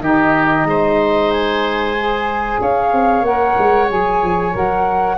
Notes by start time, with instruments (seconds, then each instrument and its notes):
0.00 tuba D#3, saxophone D#4, oboe G4, flute D#5
0.64 tuba G#3, oboe C5
1.31 flute G#5
1.99 saxophone G#4
2.61 tuba C#4, oboe C#5, flute F5
2.92 tuba C4
3.22 tuba A#3, saxophone A#4, flute F#5
3.58 tuba G#3
3.87 tuba F#3, saxophone G#4, flute G#5
4.22 tuba F3
4.52 tuba F#3, saxophone A#4, flute F#5